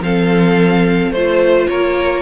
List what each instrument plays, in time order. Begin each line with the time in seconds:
0.00 cello F3, viola C4, violin A4 F5
1.11 cello A3, viola F4, violin C5
1.68 cello A#3, violin A#4 C#5